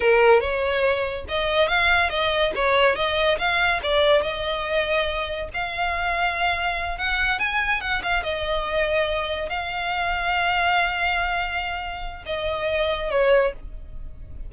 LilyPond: \new Staff \with { instrumentName = "violin" } { \time 4/4 \tempo 4 = 142 ais'4 cis''2 dis''4 | f''4 dis''4 cis''4 dis''4 | f''4 d''4 dis''2~ | dis''4 f''2.~ |
f''8 fis''4 gis''4 fis''8 f''8 dis''8~ | dis''2~ dis''8 f''4.~ | f''1~ | f''4 dis''2 cis''4 | }